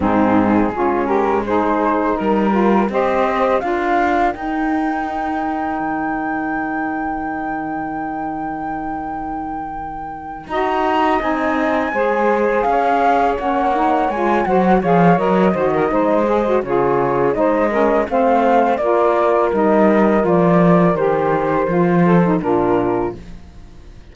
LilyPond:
<<
  \new Staff \with { instrumentName = "flute" } { \time 4/4 \tempo 4 = 83 gis'4. ais'8 c''4 ais'4 | dis''4 f''4 g''2~ | g''1~ | g''2~ g''8 ais''4 gis''8~ |
gis''4. f''4 fis''4 gis''8 | fis''8 f''8 dis''2 cis''4 | dis''4 f''4 d''4 dis''4 | d''4 c''2 ais'4 | }
  \new Staff \with { instrumentName = "saxophone" } { \time 4/4 dis'4 f'8 g'8 gis'4 ais'4 | c''4 ais'2.~ | ais'1~ | ais'2~ ais'8 dis''4.~ |
dis''8 c''4 cis''2~ cis''8 | c''8 cis''4 c''16 ais'16 c''4 gis'4 | c''8 ais'8 c''4 ais'2~ | ais'2~ ais'8 a'8 f'4 | }
  \new Staff \with { instrumentName = "saxophone" } { \time 4/4 c'4 cis'4 dis'4. f'8 | g'4 f'4 dis'2~ | dis'1~ | dis'2~ dis'8 fis'4 dis'8~ |
dis'8 gis'2 cis'8 dis'8 f'8 | fis'8 gis'8 ais'8 fis'8 dis'8 gis'16 fis'16 f'4 | dis'8 cis'8 c'4 f'4 dis'4 | f'4 g'4 f'8. dis'16 d'4 | }
  \new Staff \with { instrumentName = "cello" } { \time 4/4 gis,4 gis2 g4 | c'4 d'4 dis'2 | dis1~ | dis2~ dis8 dis'4 c'8~ |
c'8 gis4 cis'4 ais4 gis8 | fis8 f8 fis8 dis8 gis4 cis4 | gis4 a4 ais4 g4 | f4 dis4 f4 ais,4 | }
>>